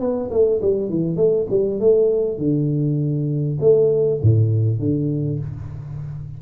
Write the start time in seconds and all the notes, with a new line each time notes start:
0.00 B3
0.31 A3
0.62 G3
0.89 E3
1.16 A3
1.50 G3
1.80 A3
2.38 D3
3.60 A3
4.22 A2
4.79 D3